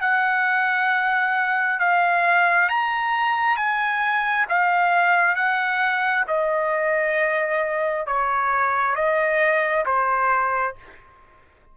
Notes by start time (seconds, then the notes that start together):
0.00 F#5
1.79 F5
2.69 A#5
3.56 G#5
4.49 F5
5.35 F#5
6.27 D#5
8.06 C#5
8.95 D#5
9.85 C5